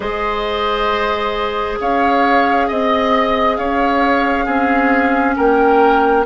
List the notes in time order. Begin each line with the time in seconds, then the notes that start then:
0.00 G#3 G#4 C5 D#5
1.80 C#4 C#5 F5
2.67 C4 D#5
3.56 C#4 C#5 F5
4.45 C4 C#4 G#4
5.36 A#3 A#4 G5